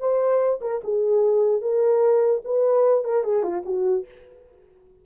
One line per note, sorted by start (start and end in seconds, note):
0.00 0.60 C5
0.62 0.82 A#4
0.84 1.62 G#4
1.62 2.42 A#4
2.45 3.05 B4
3.05 3.24 A#4
3.24 3.43 G#4
3.43 3.63 F4
3.66 4.06 F#4